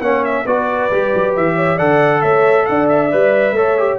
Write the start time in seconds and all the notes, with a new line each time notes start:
0.00 A#3 C#4 C#5 F#5
0.24 E5
0.45 B3 F#4 B4 D5
0.90 G3 G4
1.14 F#3
1.36 E3 E5
1.55 C#5
1.75 D3 A4 D5 F#5
2.21 A3 C#5 E5
2.65 D4 D5 F#5
2.88 E5
3.11 G3 B4
3.52 A3 A4 C#5
3.78 G4